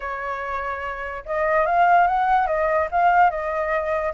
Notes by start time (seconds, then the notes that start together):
0.00 C#5
1.25 D#5
1.66 F5
2.07 F#5
2.47 D#5
2.91 F5
3.30 D#5